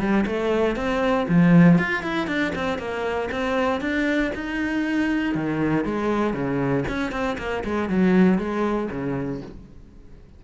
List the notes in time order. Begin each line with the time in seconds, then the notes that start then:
0.00 G3
0.27 A3
0.76 C4
1.29 F3
1.79 F4
2.03 E4
2.28 D4
2.56 C4
2.79 A#3
3.32 C4
3.81 D4
4.35 D#4
5.36 D#3
5.85 G#3
6.34 C#3
6.89 C#4
7.12 C4
7.39 A#3
7.65 G#3
7.90 F#3
8.39 G#3
8.91 C#3